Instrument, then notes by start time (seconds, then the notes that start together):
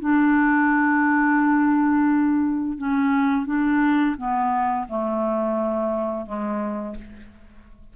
clarinet
0.00 D4
2.77 C#4
3.46 D4
4.17 B3
4.88 A3
6.26 G#3